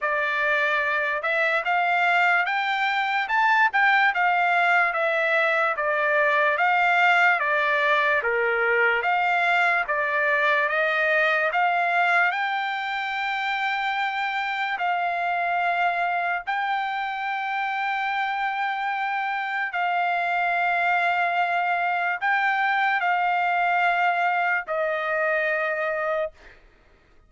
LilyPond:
\new Staff \with { instrumentName = "trumpet" } { \time 4/4 \tempo 4 = 73 d''4. e''8 f''4 g''4 | a''8 g''8 f''4 e''4 d''4 | f''4 d''4 ais'4 f''4 | d''4 dis''4 f''4 g''4~ |
g''2 f''2 | g''1 | f''2. g''4 | f''2 dis''2 | }